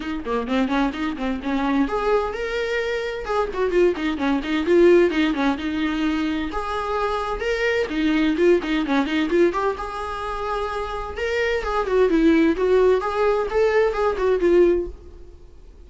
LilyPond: \new Staff \with { instrumentName = "viola" } { \time 4/4 \tempo 4 = 129 dis'8 ais8 c'8 cis'8 dis'8 c'8 cis'4 | gis'4 ais'2 gis'8 fis'8 | f'8 dis'8 cis'8 dis'8 f'4 dis'8 cis'8 | dis'2 gis'2 |
ais'4 dis'4 f'8 dis'8 cis'8 dis'8 | f'8 g'8 gis'2. | ais'4 gis'8 fis'8 e'4 fis'4 | gis'4 a'4 gis'8 fis'8 f'4 | }